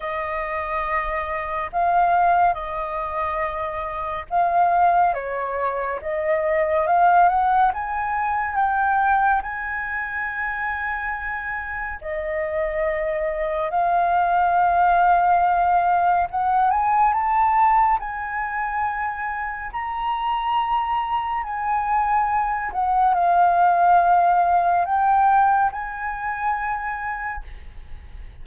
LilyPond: \new Staff \with { instrumentName = "flute" } { \time 4/4 \tempo 4 = 70 dis''2 f''4 dis''4~ | dis''4 f''4 cis''4 dis''4 | f''8 fis''8 gis''4 g''4 gis''4~ | gis''2 dis''2 |
f''2. fis''8 gis''8 | a''4 gis''2 ais''4~ | ais''4 gis''4. fis''8 f''4~ | f''4 g''4 gis''2 | }